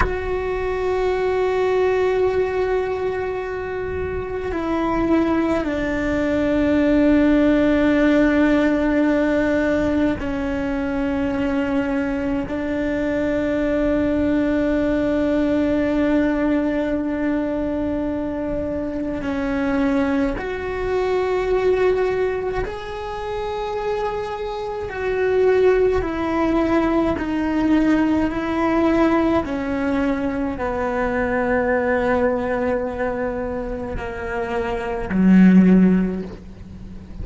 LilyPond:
\new Staff \with { instrumentName = "cello" } { \time 4/4 \tempo 4 = 53 fis'1 | e'4 d'2.~ | d'4 cis'2 d'4~ | d'1~ |
d'4 cis'4 fis'2 | gis'2 fis'4 e'4 | dis'4 e'4 cis'4 b4~ | b2 ais4 fis4 | }